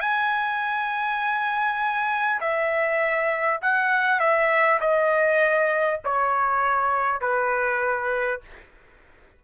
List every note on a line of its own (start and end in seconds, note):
0.00 2.40 G#5
2.40 3.60 E5
3.62 4.19 F#5
4.19 4.79 E5
4.81 6.01 D#5
6.04 7.21 C#5
7.21 8.41 B4